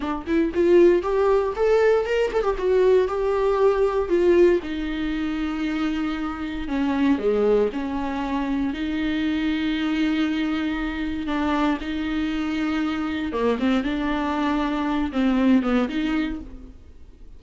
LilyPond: \new Staff \with { instrumentName = "viola" } { \time 4/4 \tempo 4 = 117 d'8 e'8 f'4 g'4 a'4 | ais'8 a'16 g'16 fis'4 g'2 | f'4 dis'2.~ | dis'4 cis'4 gis4 cis'4~ |
cis'4 dis'2.~ | dis'2 d'4 dis'4~ | dis'2 ais8 c'8 d'4~ | d'4. c'4 b8 dis'4 | }